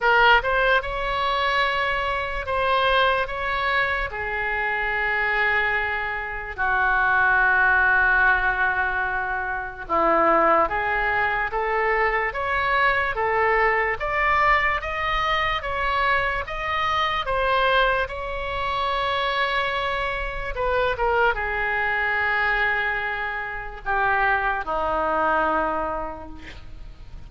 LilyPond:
\new Staff \with { instrumentName = "oboe" } { \time 4/4 \tempo 4 = 73 ais'8 c''8 cis''2 c''4 | cis''4 gis'2. | fis'1 | e'4 gis'4 a'4 cis''4 |
a'4 d''4 dis''4 cis''4 | dis''4 c''4 cis''2~ | cis''4 b'8 ais'8 gis'2~ | gis'4 g'4 dis'2 | }